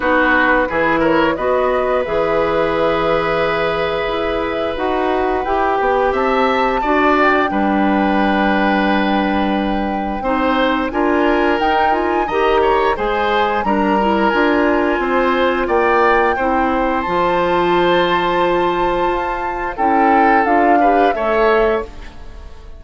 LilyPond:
<<
  \new Staff \with { instrumentName = "flute" } { \time 4/4 \tempo 4 = 88 b'4. cis''8 dis''4 e''4~ | e''2. fis''4 | g''4 a''4. g''4.~ | g''1 |
gis''4 g''8 gis''8 ais''4 gis''4 | ais''4 gis''2 g''4~ | g''4 a''2.~ | a''4 g''4 f''4 e''4 | }
  \new Staff \with { instrumentName = "oboe" } { \time 4/4 fis'4 gis'8 ais'8 b'2~ | b'1~ | b'4 e''4 d''4 b'4~ | b'2. c''4 |
ais'2 dis''8 cis''8 c''4 | ais'2 c''4 d''4 | c''1~ | c''4 a'4. b'8 cis''4 | }
  \new Staff \with { instrumentName = "clarinet" } { \time 4/4 dis'4 e'4 fis'4 gis'4~ | gis'2. fis'4 | g'2 fis'4 d'4~ | d'2. dis'4 |
f'4 dis'8 f'8 g'4 gis'4 | d'8 e'8 f'2. | e'4 f'2.~ | f'4 e'4 f'8 g'8 a'4 | }
  \new Staff \with { instrumentName = "bassoon" } { \time 4/4 b4 e4 b4 e4~ | e2 e'4 dis'4 | e'8 b8 c'4 d'4 g4~ | g2. c'4 |
d'4 dis'4 dis4 gis4 | g4 d'4 c'4 ais4 | c'4 f2. | f'4 cis'4 d'4 a4 | }
>>